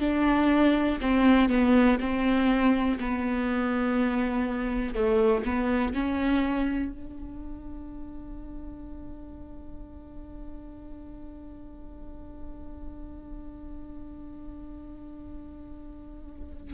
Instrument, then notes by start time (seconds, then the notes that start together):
viola
0.00 D4
1.01 C4
1.49 B3
2.00 C4
3.00 B3
4.95 A3
5.45 B3
5.93 C#4
6.92 D4